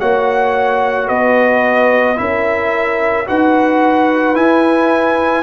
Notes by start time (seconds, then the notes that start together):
0.00 A#3 F#4 C#5 F#5
1.08 B3 B4 D#5
2.17 C#4 E4 A#4 E5
3.26 D#4 F#4 B4 F#5
4.35 E4 G#5